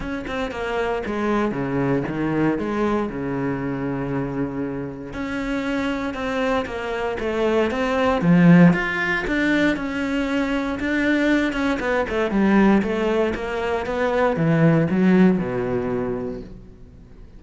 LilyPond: \new Staff \with { instrumentName = "cello" } { \time 4/4 \tempo 4 = 117 cis'8 c'8 ais4 gis4 cis4 | dis4 gis4 cis2~ | cis2 cis'2 | c'4 ais4 a4 c'4 |
f4 f'4 d'4 cis'4~ | cis'4 d'4. cis'8 b8 a8 | g4 a4 ais4 b4 | e4 fis4 b,2 | }